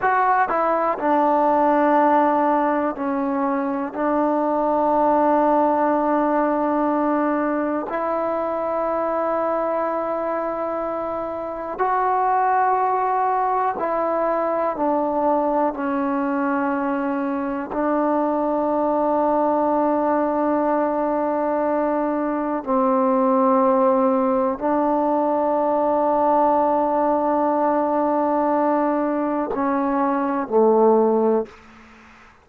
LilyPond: \new Staff \with { instrumentName = "trombone" } { \time 4/4 \tempo 4 = 61 fis'8 e'8 d'2 cis'4 | d'1 | e'1 | fis'2 e'4 d'4 |
cis'2 d'2~ | d'2. c'4~ | c'4 d'2.~ | d'2 cis'4 a4 | }